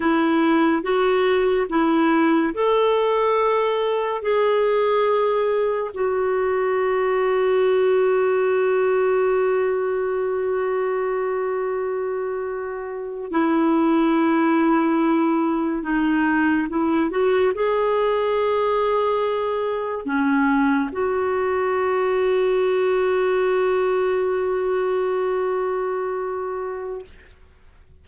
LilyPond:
\new Staff \with { instrumentName = "clarinet" } { \time 4/4 \tempo 4 = 71 e'4 fis'4 e'4 a'4~ | a'4 gis'2 fis'4~ | fis'1~ | fis'2.~ fis'8. e'16~ |
e'2~ e'8. dis'4 e'16~ | e'16 fis'8 gis'2. cis'16~ | cis'8. fis'2.~ fis'16~ | fis'1 | }